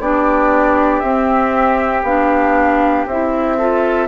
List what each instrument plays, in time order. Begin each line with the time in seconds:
0.00 bassoon B3, clarinet D4, oboe G4, flute D5
1.00 bassoon C4, clarinet C4, flute E5
2.03 bassoon B3, clarinet D4, flute F5
3.06 bassoon C4, clarinet E4, flute E5
3.57 clarinet F4, oboe A4